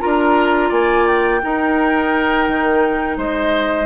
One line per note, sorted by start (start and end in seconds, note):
0.00 0.71 D4
0.00 1.41 F4
0.00 0.70 A#4
0.00 0.71 A#5
0.70 1.42 A#3
0.70 1.40 D5
0.70 1.07 G#5
1.07 3.19 G5
1.43 3.86 D#4
1.43 2.48 D#4
1.43 3.18 A#4
2.48 3.17 D#3
3.17 3.86 G#3
3.17 3.86 C5
3.17 3.86 D#5